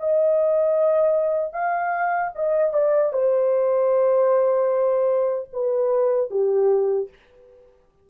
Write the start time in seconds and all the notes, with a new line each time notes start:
0.00 D#5
1.54 F5
2.35 D#5
2.73 D5
3.13 C5
5.53 B4
6.31 G4